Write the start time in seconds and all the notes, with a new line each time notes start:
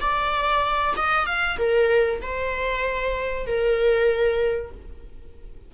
0.00 D5
0.96 D#5
1.26 F5
1.58 A#4
2.22 C5
3.46 A#4